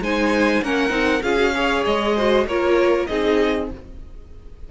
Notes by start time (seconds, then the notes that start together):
0.00 G#3 D#4 C5 G#5
0.62 A#3 C#4 A#4 F#5
0.89 C4 D#4
1.22 C#4 F4 G#4 F5
1.36 F#4
1.54 G#4 C#5
1.85 G#3 D#5
2.15 F#4 C5
2.46 A#3 F4 A#4 C#5
3.06 C4 D#4 G#4 D#5